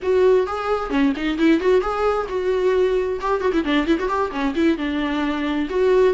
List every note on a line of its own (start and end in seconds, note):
0.02 0.47 F#4
0.47 0.90 G#4
0.90 1.12 C#4
1.16 1.38 D#4
1.38 1.60 E4
1.60 1.81 F#4
1.81 2.26 G#4
2.28 3.19 F#4
3.20 3.40 G4
3.40 3.52 F#4
3.52 3.64 E4
3.64 3.86 D4
3.86 3.98 E4
3.99 4.08 F#4
4.08 4.31 G4
4.31 4.54 C#4
4.55 4.77 E4
4.77 5.68 D4
5.69 6.14 F#4